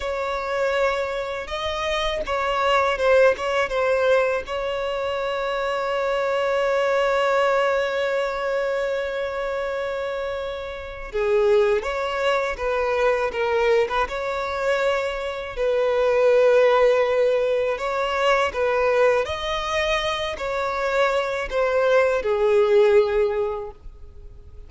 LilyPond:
\new Staff \with { instrumentName = "violin" } { \time 4/4 \tempo 4 = 81 cis''2 dis''4 cis''4 | c''8 cis''8 c''4 cis''2~ | cis''1~ | cis''2. gis'4 |
cis''4 b'4 ais'8. b'16 cis''4~ | cis''4 b'2. | cis''4 b'4 dis''4. cis''8~ | cis''4 c''4 gis'2 | }